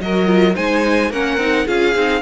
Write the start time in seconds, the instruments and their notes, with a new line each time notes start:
0.00 cello F#3, viola F#4, violin A#4 D#5
0.25 viola F4
0.55 cello G#3, viola D#4, violin C5 G#5
1.10 cello A#3, viola C#4, violin A#4 F#5
1.37 cello C4, viola D#4
1.66 cello C#4, viola F4, violin G#4 F5
1.95 cello C4, viola D#4